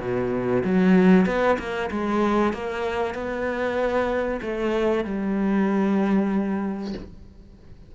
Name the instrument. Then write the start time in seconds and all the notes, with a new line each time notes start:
cello
0.00 B2
0.64 F#3
1.26 B3
1.59 A#3
1.91 G#3
2.53 A#3
3.14 B3
4.42 A3
5.04 G3